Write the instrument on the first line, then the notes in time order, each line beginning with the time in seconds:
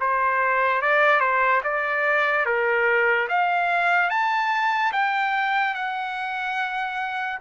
trumpet
0.00 C5
0.81 D5
1.20 C5
1.63 D5
2.45 A#4
3.28 F5
4.09 A5
4.92 G5
5.74 F#5